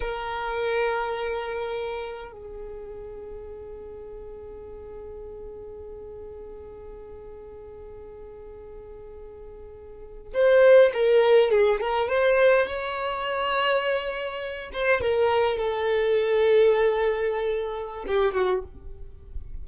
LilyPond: \new Staff \with { instrumentName = "violin" } { \time 4/4 \tempo 4 = 103 ais'1 | gis'1~ | gis'1~ | gis'1~ |
gis'4.~ gis'16 c''4 ais'4 gis'16~ | gis'16 ais'8 c''4 cis''2~ cis''16~ | cis''4~ cis''16 c''8 ais'4 a'4~ a'16~ | a'2. g'8 fis'8 | }